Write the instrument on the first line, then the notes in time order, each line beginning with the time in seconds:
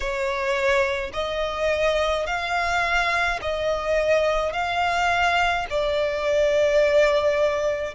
violin
0.00 C#5
1.13 D#5
2.26 F5
3.41 D#5
4.52 F5
5.70 D5